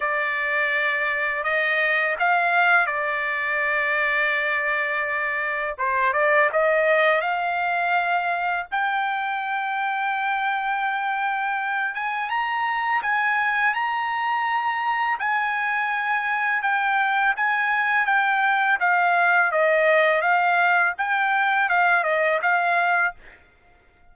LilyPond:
\new Staff \with { instrumentName = "trumpet" } { \time 4/4 \tempo 4 = 83 d''2 dis''4 f''4 | d''1 | c''8 d''8 dis''4 f''2 | g''1~ |
g''8 gis''8 ais''4 gis''4 ais''4~ | ais''4 gis''2 g''4 | gis''4 g''4 f''4 dis''4 | f''4 g''4 f''8 dis''8 f''4 | }